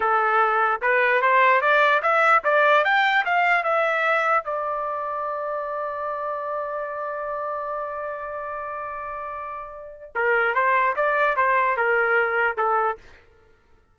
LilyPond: \new Staff \with { instrumentName = "trumpet" } { \time 4/4 \tempo 4 = 148 a'2 b'4 c''4 | d''4 e''4 d''4 g''4 | f''4 e''2 d''4~ | d''1~ |
d''1~ | d''1~ | d''4 ais'4 c''4 d''4 | c''4 ais'2 a'4 | }